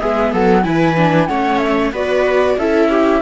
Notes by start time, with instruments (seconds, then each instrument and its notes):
0.00 cello G#3, viola B3 G#4, flute E5
0.31 cello F#3, viola A4, flute F#5
0.63 cello E3, viola E4 B4, flute G#5
0.96 viola D4
1.27 cello A3, viola C#4 C#5, flute F#5
1.58 flute E5
1.92 cello B3, viola F#4 B4, flute D5
2.58 cello C#4, viola E4 A4, flute E5
2.89 viola G4